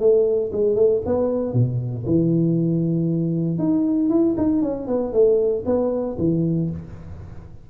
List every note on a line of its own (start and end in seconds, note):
0.00 0.51 A3
0.53 0.76 G#3
0.76 1.01 A3
1.06 1.53 B3
1.53 2.05 B2
2.06 3.59 E3
3.59 4.10 D#4
4.10 4.35 E4
4.37 4.62 D#4
4.62 4.87 C#4
4.87 5.13 B3
5.13 5.64 A3
5.66 6.17 B3
6.19 6.70 E3